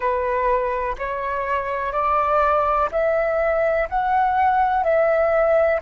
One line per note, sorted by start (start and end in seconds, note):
0.00 0.95 B4
0.98 1.92 C#5
1.92 2.89 D5
2.91 3.88 E5
3.89 4.83 F#5
4.83 5.80 E5